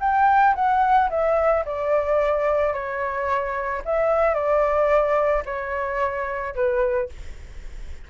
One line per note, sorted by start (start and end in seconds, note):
0.00 0.55 G5
0.55 1.09 F#5
1.10 1.64 E5
1.65 2.73 D5
2.73 3.82 C#5
3.85 4.34 E5
4.34 5.43 D5
5.45 6.55 C#5
6.55 7.09 B4